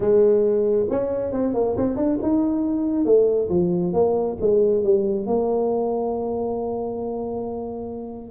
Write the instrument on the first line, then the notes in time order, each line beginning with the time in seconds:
tuba
0.00 G#3
0.90 C#4
1.32 C4
1.54 A#3
1.77 C4
1.96 D4
2.22 D#4
3.05 A3
3.49 F3
3.93 A#3
4.40 G#3
4.83 G3
5.26 A#3